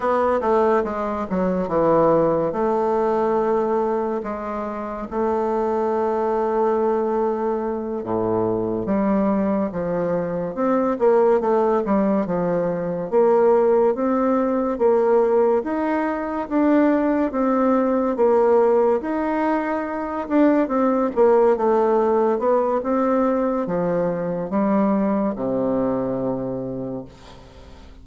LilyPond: \new Staff \with { instrumentName = "bassoon" } { \time 4/4 \tempo 4 = 71 b8 a8 gis8 fis8 e4 a4~ | a4 gis4 a2~ | a4. a,4 g4 f8~ | f8 c'8 ais8 a8 g8 f4 ais8~ |
ais8 c'4 ais4 dis'4 d'8~ | d'8 c'4 ais4 dis'4. | d'8 c'8 ais8 a4 b8 c'4 | f4 g4 c2 | }